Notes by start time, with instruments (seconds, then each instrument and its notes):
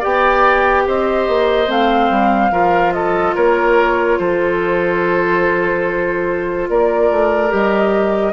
0.00 bassoon B3, clarinet G4, oboe D5, flute G5
0.87 bassoon C4, oboe C5, flute D#5
1.28 bassoon A#3
1.68 bassoon A3, clarinet C4, flute F5
2.10 bassoon G3
2.51 bassoon F3, clarinet F4, oboe A#4
2.93 oboe A4, flute D#5
3.36 bassoon A#3, oboe A#4, flute C#5
4.19 bassoon F3, oboe A4, flute C5
6.69 bassoon A#3, oboe A#4, flute D5
7.11 bassoon A3
7.50 bassoon G3, clarinet G4, flute D#5